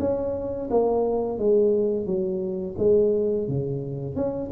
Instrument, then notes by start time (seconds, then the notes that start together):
tuba
0.00 C#4
0.70 A#3
1.39 G#3
2.06 F#3
2.78 G#3
3.48 C#3
4.16 C#4